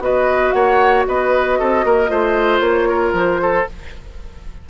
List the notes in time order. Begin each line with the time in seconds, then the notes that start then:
0.00 B3 F#4 B4 D#5
0.52 A#3 C#5 F#5
1.08 B3 B4 D#5
1.59 C4 A4
1.85 A#3 A#4
2.08 A3 F4 C5
2.60 A#3 C#5
2.89 A#4
3.14 F3 C5
3.42 A4